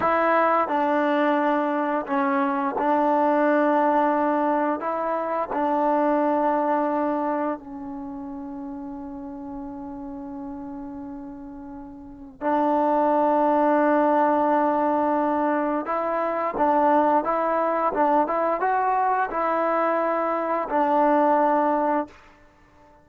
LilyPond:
\new Staff \with { instrumentName = "trombone" } { \time 4/4 \tempo 4 = 87 e'4 d'2 cis'4 | d'2. e'4 | d'2. cis'4~ | cis'1~ |
cis'2 d'2~ | d'2. e'4 | d'4 e'4 d'8 e'8 fis'4 | e'2 d'2 | }